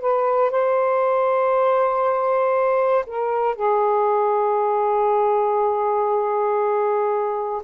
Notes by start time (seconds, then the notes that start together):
0.00 B4
0.50 C5
3.06 A#4
3.55 G#4